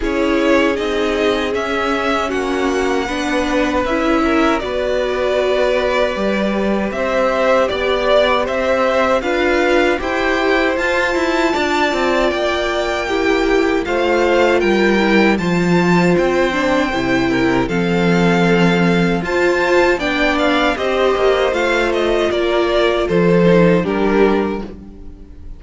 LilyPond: <<
  \new Staff \with { instrumentName = "violin" } { \time 4/4 \tempo 4 = 78 cis''4 dis''4 e''4 fis''4~ | fis''4 e''4 d''2~ | d''4 e''4 d''4 e''4 | f''4 g''4 a''2 |
g''2 f''4 g''4 | a''4 g''2 f''4~ | f''4 a''4 g''8 f''8 dis''4 | f''8 dis''8 d''4 c''4 ais'4 | }
  \new Staff \with { instrumentName = "violin" } { \time 4/4 gis'2. fis'4 | b'4. ais'8 b'2~ | b'4 c''4 d''4 c''4 | b'4 c''2 d''4~ |
d''4 g'4 c''4 ais'4 | c''2~ c''8 ais'8 a'4~ | a'4 c''4 d''4 c''4~ | c''4 ais'4 a'4 g'4 | }
  \new Staff \with { instrumentName = "viola" } { \time 4/4 e'4 dis'4 cis'2 | d'4 e'4 fis'2 | g'1 | f'4 g'4 f'2~ |
f'4 e'4 f'4. e'8 | f'4. d'8 e'4 c'4~ | c'4 f'4 d'4 g'4 | f'2~ f'8 dis'8 d'4 | }
  \new Staff \with { instrumentName = "cello" } { \time 4/4 cis'4 c'4 cis'4 ais4 | b4 cis'4 b2 | g4 c'4 b4 c'4 | d'4 e'4 f'8 e'8 d'8 c'8 |
ais2 a4 g4 | f4 c'4 c4 f4~ | f4 f'4 b4 c'8 ais8 | a4 ais4 f4 g4 | }
>>